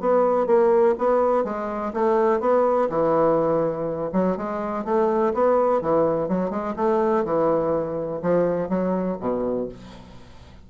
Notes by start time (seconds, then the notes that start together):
0.00 B3
0.46 A#3
0.98 B3
1.44 G#3
1.93 A3
2.40 B3
2.89 E3
4.12 F#3
4.37 G#3
4.84 A3
5.33 B3
5.81 E3
6.28 F#3
6.50 G#3
6.76 A3
7.24 E3
8.22 F3
8.69 F#3
9.20 B2